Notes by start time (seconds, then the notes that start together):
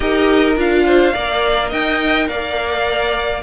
0.00 D#4 G4 A#4 D#5
0.56 D4 F4 F5
0.85 C5
1.13 A#3 A#4 D5
1.68 D#4 D#5 G5
2.28 A#3 D5 F5